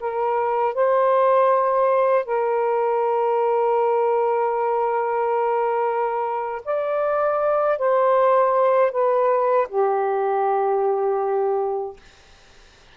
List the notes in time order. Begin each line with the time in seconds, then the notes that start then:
0.00 A#4
0.74 C5
2.25 A#4
6.65 D5
7.78 C5
8.91 B4
9.69 G4